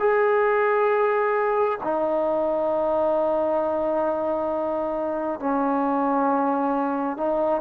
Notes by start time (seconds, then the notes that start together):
0.00 G#4
1.83 D#4
5.40 C#4
7.17 D#4